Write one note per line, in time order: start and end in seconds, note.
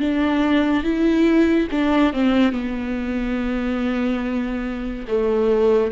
0.00 0.83 D4
0.83 1.68 E4
1.71 2.13 D4
2.13 2.52 C4
2.52 5.06 B3
5.08 5.92 A3